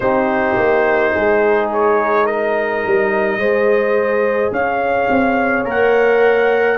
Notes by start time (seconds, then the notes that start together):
0.00 C4 D#4 G4 C5
0.57 A#3
1.13 G#3 G#4
1.72 C#5
2.25 A#4 D#5
2.86 G3
3.36 G#3 G#4 C5
4.51 C#4 C#5 F5
5.09 C4
5.64 A#3 A#4 F#5